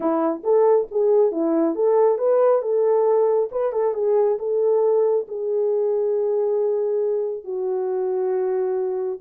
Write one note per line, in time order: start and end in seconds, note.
0.00 0.42 E4
0.43 0.87 A4
0.91 1.31 G#4
1.31 1.75 E4
1.75 2.18 A4
2.18 2.62 B4
2.62 3.49 A4
3.51 3.72 B4
3.72 3.94 A4
3.94 4.38 G#4
4.38 5.26 A4
5.28 7.44 G#4
7.44 9.19 F#4